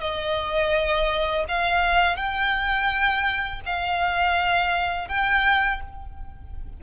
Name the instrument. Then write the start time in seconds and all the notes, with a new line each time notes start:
violin
0.00 D#5
1.48 F5
2.16 G5
3.66 F5
5.08 G5